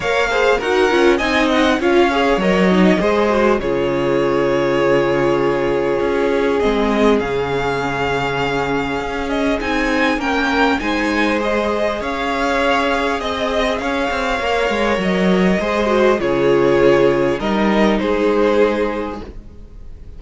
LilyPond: <<
  \new Staff \with { instrumentName = "violin" } { \time 4/4 \tempo 4 = 100 f''4 fis''4 gis''8 fis''8 f''4 | dis''2 cis''2~ | cis''2. dis''4 | f''2.~ f''8 dis''8 |
gis''4 g''4 gis''4 dis''4 | f''2 dis''4 f''4~ | f''4 dis''2 cis''4~ | cis''4 dis''4 c''2 | }
  \new Staff \with { instrumentName = "violin" } { \time 4/4 cis''8 c''8 ais'4 dis''4 cis''4~ | cis''4 c''4 gis'2~ | gis'1~ | gis'1~ |
gis'4 ais'4 c''2 | cis''2 dis''4 cis''4~ | cis''2 c''4 gis'4~ | gis'4 ais'4 gis'2 | }
  \new Staff \with { instrumentName = "viola" } { \time 4/4 ais'8 gis'8 fis'8 f'8 dis'4 f'8 gis'8 | ais'8 dis'8 gis'8 fis'8 f'2~ | f'2. c'4 | cis'1 |
dis'4 cis'4 dis'4 gis'4~ | gis'1 | ais'2 gis'8 fis'8 f'4~ | f'4 dis'2. | }
  \new Staff \with { instrumentName = "cello" } { \time 4/4 ais4 dis'8 cis'8 c'4 cis'4 | fis4 gis4 cis2~ | cis2 cis'4 gis4 | cis2. cis'4 |
c'4 ais4 gis2 | cis'2 c'4 cis'8 c'8 | ais8 gis8 fis4 gis4 cis4~ | cis4 g4 gis2 | }
>>